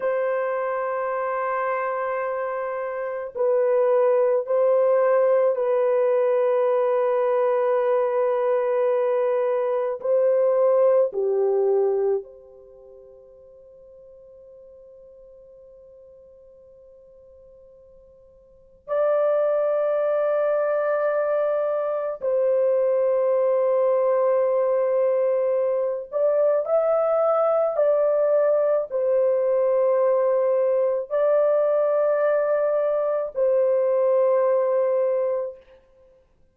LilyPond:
\new Staff \with { instrumentName = "horn" } { \time 4/4 \tempo 4 = 54 c''2. b'4 | c''4 b'2.~ | b'4 c''4 g'4 c''4~ | c''1~ |
c''4 d''2. | c''2.~ c''8 d''8 | e''4 d''4 c''2 | d''2 c''2 | }